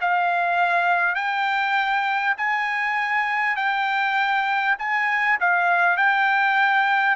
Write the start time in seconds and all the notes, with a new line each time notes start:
0.00 F5
1.15 G5
2.37 G#5
3.56 G5
4.78 G#5
5.40 F5
5.97 G5